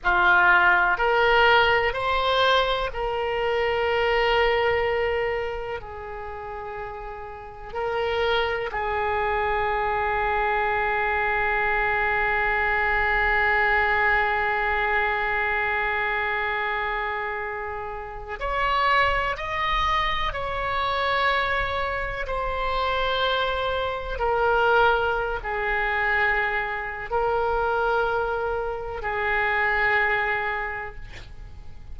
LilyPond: \new Staff \with { instrumentName = "oboe" } { \time 4/4 \tempo 4 = 62 f'4 ais'4 c''4 ais'4~ | ais'2 gis'2 | ais'4 gis'2.~ | gis'1~ |
gis'2. cis''4 | dis''4 cis''2 c''4~ | c''4 ais'4~ ais'16 gis'4.~ gis'16 | ais'2 gis'2 | }